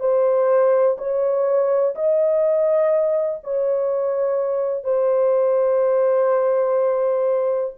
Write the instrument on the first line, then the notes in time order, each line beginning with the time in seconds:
horn
0.00 C5
0.98 C#5
1.95 D#5
3.44 C#5
4.84 C5